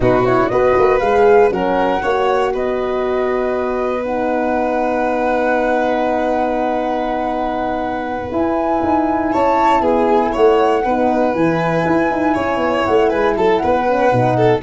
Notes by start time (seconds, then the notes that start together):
0.00 B2 D#4 F#4 B4
0.25 E4 C#5
0.48 B3 F#4 B4 D#5
0.78 A#3
0.99 G#3 G#4 F5
1.50 F#3 C#4 A#4 F#5
2.01 A#3 F#4 C#5
2.53 B3 B4 D#5
4.02 D#4 F#5
8.32 E4 G#5
8.83 D#4
9.32 C#4 C#5 A5
9.81 B3 G#4 G#5
10.32 A3 C#5 F#5
10.84 B3 D#4 B4
11.34 E3 E4 G#5
11.86 E4
12.11 D#4
12.34 C#4 C#5
12.56 B3
12.85 A3 F#5
13.09 G#3 B4 G#5
13.36 F#3 A4 A5
13.57 B4 F#5
13.63 B3
13.87 C#4
14.10 B2 D#4
14.36 A4